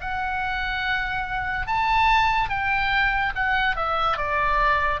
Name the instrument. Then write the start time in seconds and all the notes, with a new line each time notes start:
oboe
0.00 F#5
1.67 A5
2.49 G5
3.35 F#5
3.76 E5
4.17 D5